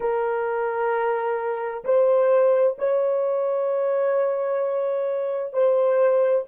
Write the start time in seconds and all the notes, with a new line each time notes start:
0.00 A#4
1.84 C5
2.78 C#5
5.53 C5